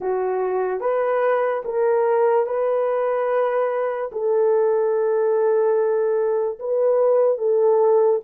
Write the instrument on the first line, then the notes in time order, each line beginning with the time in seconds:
horn
0.00 F#4
0.80 B4
1.64 A#4
2.46 B4
4.12 A4
6.59 B4
7.37 A4